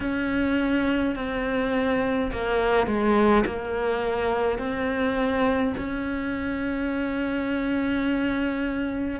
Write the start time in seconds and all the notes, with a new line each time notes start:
0.00 C#4
1.15 C4
2.31 A#3
2.86 G#3
3.46 A#3
4.58 C4
5.77 C#4